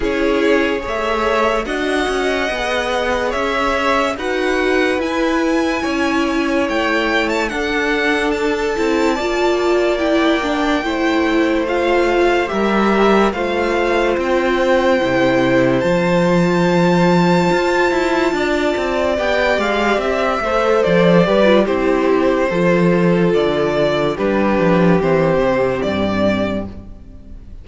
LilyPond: <<
  \new Staff \with { instrumentName = "violin" } { \time 4/4 \tempo 4 = 72 cis''4 e''4 fis''2 | e''4 fis''4 gis''2 | g''8. a''16 fis''4 a''2 | g''2 f''4 e''4 |
f''4 g''2 a''4~ | a''2. g''8 f''8 | e''4 d''4 c''2 | d''4 b'4 c''4 d''4 | }
  \new Staff \with { instrumentName = "violin" } { \time 4/4 gis'4 cis''4 dis''2 | cis''4 b'2 cis''4~ | cis''4 a'2 d''4~ | d''4 c''2 ais'4 |
c''1~ | c''2 d''2~ | d''8 c''4 b'8 g'4 a'4~ | a'4 g'2. | }
  \new Staff \with { instrumentName = "viola" } { \time 4/4 e'4 gis'4 fis'4 gis'4~ | gis'4 fis'4 e'2~ | e'4 d'4. e'8 f'4 | e'8 d'8 e'4 f'4 g'4 |
f'2 e'4 f'4~ | f'2. g'4~ | g'8 a'4 g'16 f'16 e'4 f'4~ | f'4 d'4 c'2 | }
  \new Staff \with { instrumentName = "cello" } { \time 4/4 cis'4 a4 d'8 cis'8 b4 | cis'4 dis'4 e'4 cis'4 | a4 d'4. c'8 ais4~ | ais4 a2 g4 |
a4 c'4 c4 f4~ | f4 f'8 e'8 d'8 c'8 b8 gis8 | c'8 a8 f8 g8 c'4 f4 | d4 g8 f8 e8 c8 g,4 | }
>>